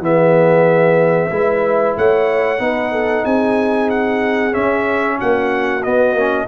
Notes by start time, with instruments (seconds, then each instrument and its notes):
0.00 tuba E3, trombone B3, horn G#4, trumpet E5
1.31 tuba G#3, trombone E4, horn B4
1.97 tuba A3, horn C#5, trumpet F#5
2.59 tuba B3, trombone D#4, horn B4
2.92 horn A4
3.24 tuba C4, horn G#4, trumpet G#5
3.90 trumpet F#5
4.52 trombone C#4, tuba C#4, trumpet E5
5.18 tuba A#3, horn F#4, trumpet F#5
5.83 trombone B3, tuba B3, trumpet D#5
6.13 tuba A#3, trombone C#4